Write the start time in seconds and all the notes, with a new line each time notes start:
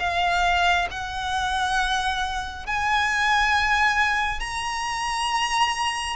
0.00 F5
0.91 F#5
2.67 G#5
4.40 A#5